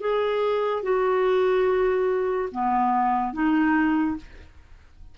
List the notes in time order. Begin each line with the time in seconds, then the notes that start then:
0.00 G#4
0.82 F#4
2.52 B3
3.33 D#4